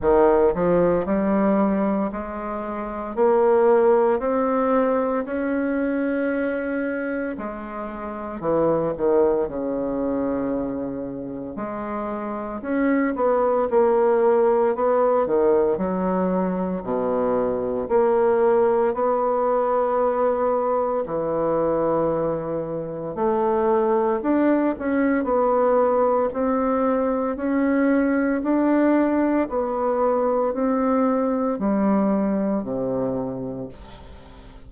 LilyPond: \new Staff \with { instrumentName = "bassoon" } { \time 4/4 \tempo 4 = 57 dis8 f8 g4 gis4 ais4 | c'4 cis'2 gis4 | e8 dis8 cis2 gis4 | cis'8 b8 ais4 b8 dis8 fis4 |
b,4 ais4 b2 | e2 a4 d'8 cis'8 | b4 c'4 cis'4 d'4 | b4 c'4 g4 c4 | }